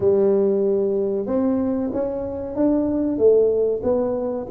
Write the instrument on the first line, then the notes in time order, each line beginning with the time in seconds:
tuba
0.00 G3
1.26 C4
1.92 C#4
2.55 D4
3.17 A3
3.83 B3